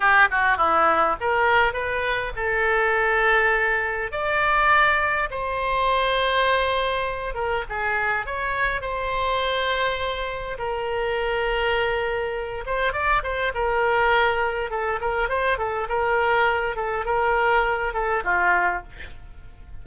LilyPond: \new Staff \with { instrumentName = "oboe" } { \time 4/4 \tempo 4 = 102 g'8 fis'8 e'4 ais'4 b'4 | a'2. d''4~ | d''4 c''2.~ | c''8 ais'8 gis'4 cis''4 c''4~ |
c''2 ais'2~ | ais'4. c''8 d''8 c''8 ais'4~ | ais'4 a'8 ais'8 c''8 a'8 ais'4~ | ais'8 a'8 ais'4. a'8 f'4 | }